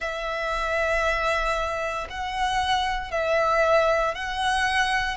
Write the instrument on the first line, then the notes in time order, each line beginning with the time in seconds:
violin
0.00 E5
2.09 F#5
3.11 E5
4.14 F#5